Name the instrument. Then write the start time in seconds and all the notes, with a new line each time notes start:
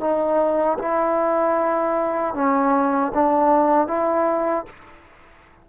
trombone
0.00 D#4
0.79 E4
2.34 C#4
3.14 D4
3.87 E4